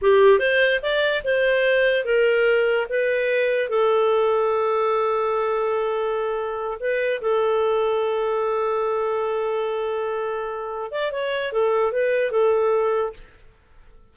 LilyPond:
\new Staff \with { instrumentName = "clarinet" } { \time 4/4 \tempo 4 = 146 g'4 c''4 d''4 c''4~ | c''4 ais'2 b'4~ | b'4 a'2.~ | a'1~ |
a'8 b'4 a'2~ a'8~ | a'1~ | a'2~ a'8 d''8 cis''4 | a'4 b'4 a'2 | }